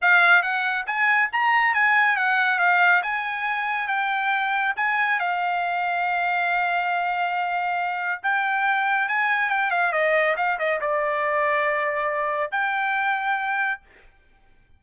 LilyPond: \new Staff \with { instrumentName = "trumpet" } { \time 4/4 \tempo 4 = 139 f''4 fis''4 gis''4 ais''4 | gis''4 fis''4 f''4 gis''4~ | gis''4 g''2 gis''4 | f''1~ |
f''2. g''4~ | g''4 gis''4 g''8 f''8 dis''4 | f''8 dis''8 d''2.~ | d''4 g''2. | }